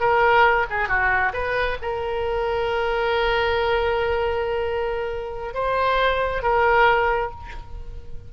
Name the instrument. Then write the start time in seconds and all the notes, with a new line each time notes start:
oboe
0.00 A#4
0.70 G#4
0.89 F#4
1.33 B4
1.82 A#4
5.54 C5
6.43 A#4